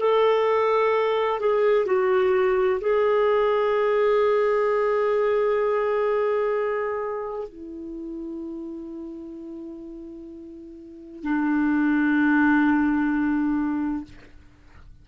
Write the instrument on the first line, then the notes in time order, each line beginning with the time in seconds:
clarinet
0.00 A4
1.40 G#4
1.86 F#4
2.81 G#4
7.49 E4
11.23 D4